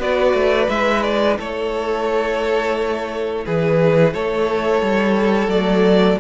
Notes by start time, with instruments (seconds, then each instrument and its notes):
0.00 cello B3, viola F#4, violin B4 D5
0.34 cello A3
0.68 cello G#3, viola E4, violin E5
1.03 violin D5
1.38 cello A3, violin A4 C#5
3.46 cello E3, violin G#4 B4
4.14 cello A3, violin A4 C#5
4.82 cello G3
5.48 cello F#3, viola A3, violin D5